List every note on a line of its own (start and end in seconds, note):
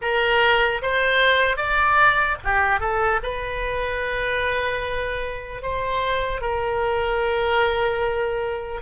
0.01 0.81 A#4
0.81 1.56 C5
1.56 2.36 D5
2.44 2.80 G4
2.80 3.20 A4
3.22 5.62 B4
5.62 6.41 C5
6.41 8.81 A#4